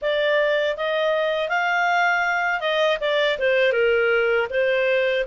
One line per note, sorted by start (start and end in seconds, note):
0.01 0.76 D5
0.76 1.48 D#5
1.48 2.60 F5
2.60 2.98 D#5
3.00 3.38 D5
3.39 3.72 C5
3.72 4.47 A#4
4.50 5.25 C5